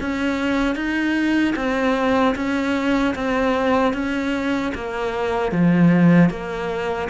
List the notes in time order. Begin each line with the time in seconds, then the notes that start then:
0.00 C#4
0.75 D#4
1.56 C4
2.35 C#4
3.15 C4
3.93 C#4
4.75 A#3
5.52 F3
6.30 A#3